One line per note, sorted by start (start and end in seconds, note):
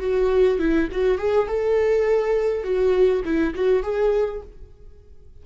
0.00 0.59 F#4
0.59 0.88 E4
0.91 1.18 F#4
1.18 1.48 G#4
1.48 2.63 A4
2.63 3.22 F#4
3.25 3.54 E4
3.55 3.83 F#4
3.83 4.41 G#4